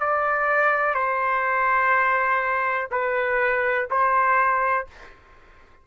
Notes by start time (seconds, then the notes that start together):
0.00 D5
0.95 C5
2.91 B4
3.90 C5